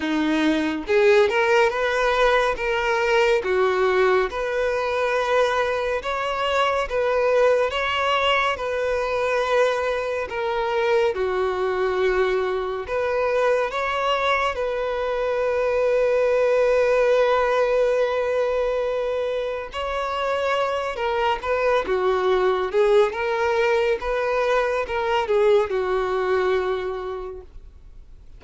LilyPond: \new Staff \with { instrumentName = "violin" } { \time 4/4 \tempo 4 = 70 dis'4 gis'8 ais'8 b'4 ais'4 | fis'4 b'2 cis''4 | b'4 cis''4 b'2 | ais'4 fis'2 b'4 |
cis''4 b'2.~ | b'2. cis''4~ | cis''8 ais'8 b'8 fis'4 gis'8 ais'4 | b'4 ais'8 gis'8 fis'2 | }